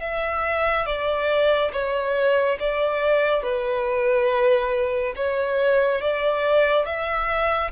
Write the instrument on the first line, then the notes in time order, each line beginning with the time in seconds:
violin
0.00 E5
0.86 D5
1.72 C#5
2.59 D5
3.42 B4
5.15 C#5
6.01 D5
6.85 E5